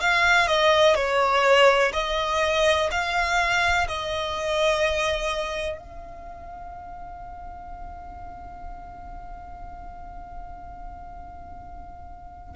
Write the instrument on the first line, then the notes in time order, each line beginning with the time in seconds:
violin
0.00 F5
0.48 D#5
0.95 C#5
1.93 D#5
2.91 F5
3.88 D#5
5.77 F5